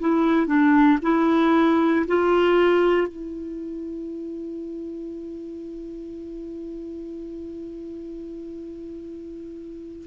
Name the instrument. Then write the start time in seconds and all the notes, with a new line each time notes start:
clarinet
0.00 E4
0.47 D4
1.02 E4
2.07 F4
3.08 E4